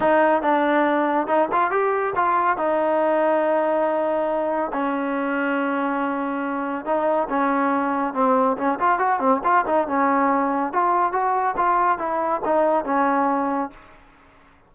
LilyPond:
\new Staff \with { instrumentName = "trombone" } { \time 4/4 \tempo 4 = 140 dis'4 d'2 dis'8 f'8 | g'4 f'4 dis'2~ | dis'2. cis'4~ | cis'1 |
dis'4 cis'2 c'4 | cis'8 f'8 fis'8 c'8 f'8 dis'8 cis'4~ | cis'4 f'4 fis'4 f'4 | e'4 dis'4 cis'2 | }